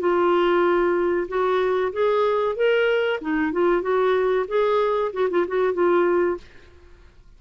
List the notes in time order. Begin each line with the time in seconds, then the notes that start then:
0.00 F4
1.29 F#4
1.93 G#4
2.56 A#4
3.21 D#4
3.53 F4
3.82 F#4
4.48 G#4
5.13 F#4
5.30 F4
5.48 F#4
5.74 F4